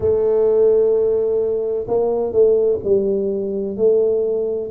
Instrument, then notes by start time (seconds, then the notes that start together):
tuba
0.00 A3
1.87 A#3
2.32 A3
2.84 G3
3.77 A3